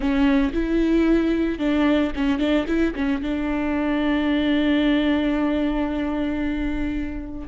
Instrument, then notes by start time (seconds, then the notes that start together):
viola
0.00 C#4
0.53 E4
1.58 D4
2.15 C#4
2.38 D4
2.67 E4
2.95 C#4
3.21 D4